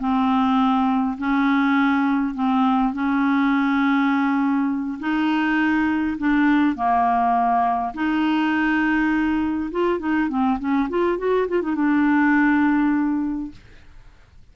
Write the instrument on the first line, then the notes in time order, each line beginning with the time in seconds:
clarinet
0.00 C4
1.18 C#4
2.35 C4
2.94 C#4
5.00 D#4
6.18 D4
6.76 A#3
7.94 D#4
9.72 F4
10.00 D#4
10.29 C4
10.59 C#4
10.90 F4
11.18 F#4
11.48 F4
11.63 D#4
11.76 D4